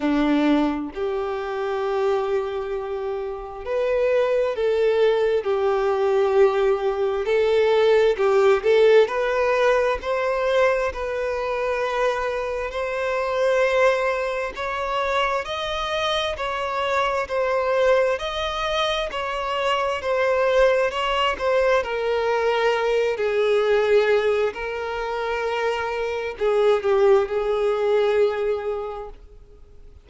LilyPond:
\new Staff \with { instrumentName = "violin" } { \time 4/4 \tempo 4 = 66 d'4 g'2. | b'4 a'4 g'2 | a'4 g'8 a'8 b'4 c''4 | b'2 c''2 |
cis''4 dis''4 cis''4 c''4 | dis''4 cis''4 c''4 cis''8 c''8 | ais'4. gis'4. ais'4~ | ais'4 gis'8 g'8 gis'2 | }